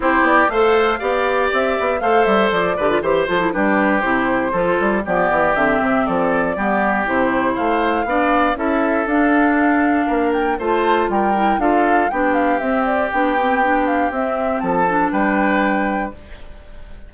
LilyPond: <<
  \new Staff \with { instrumentName = "flute" } { \time 4/4 \tempo 4 = 119 c''8 d''8 f''2 e''4 | f''8 e''8 d''4 c''8 a'8 b'4 | c''2 d''4 e''4 | d''2 c''4 f''4~ |
f''4 e''4 f''2~ | f''8 g''8 a''4 g''4 f''4 | g''8 f''8 e''8 d''8 g''4. f''8 | e''4 a''4 g''2 | }
  \new Staff \with { instrumentName = "oboe" } { \time 4/4 g'4 c''4 d''2 | c''4. b'8 c''4 g'4~ | g'4 a'4 g'2 | a'4 g'2 c''4 |
d''4 a'2. | ais'4 c''4 ais'4 a'4 | g'1~ | g'4 a'4 b'2 | }
  \new Staff \with { instrumentName = "clarinet" } { \time 4/4 e'4 a'4 g'2 | a'4. g'16 f'16 g'8 f'16 e'16 d'4 | e'4 f'4 b4 c'4~ | c'4 b4 e'2 |
d'4 e'4 d'2~ | d'4 f'4. e'8 f'4 | d'4 c'4 d'8 c'8 d'4 | c'4. d'2~ d'8 | }
  \new Staff \with { instrumentName = "bassoon" } { \time 4/4 c'8 b8 a4 b4 c'8 b8 | a8 g8 f8 d8 e8 f8 g4 | c4 f8 g8 f8 e8 d8 c8 | f4 g4 c4 a4 |
b4 cis'4 d'2 | ais4 a4 g4 d'4 | b4 c'4 b2 | c'4 f4 g2 | }
>>